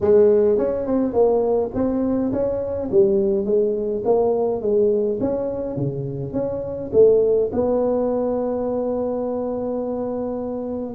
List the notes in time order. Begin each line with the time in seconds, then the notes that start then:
0.00 G#3
0.57 C#4
0.86 C4
1.13 A#3
1.74 C4
2.32 C#4
2.91 G3
3.45 G#3
4.04 A#3
4.61 G#3
5.20 C#4
5.76 C#3
6.33 C#4
6.92 A3
7.52 B3